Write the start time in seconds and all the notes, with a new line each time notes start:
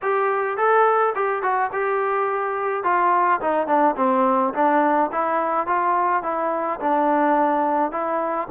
0.02 G4
0.57 A4
1.15 G4
1.42 F#4
1.72 G4
2.83 F4
3.40 D#4
3.67 D4
3.96 C4
4.54 D4
5.11 E4
5.66 F4
6.23 E4
6.80 D4
7.91 E4